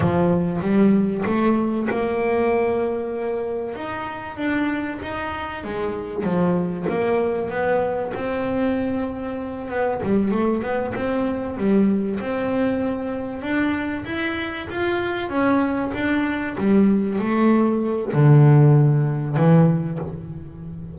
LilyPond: \new Staff \with { instrumentName = "double bass" } { \time 4/4 \tempo 4 = 96 f4 g4 a4 ais4~ | ais2 dis'4 d'4 | dis'4 gis4 f4 ais4 | b4 c'2~ c'8 b8 |
g8 a8 b8 c'4 g4 c'8~ | c'4. d'4 e'4 f'8~ | f'8 cis'4 d'4 g4 a8~ | a4 d2 e4 | }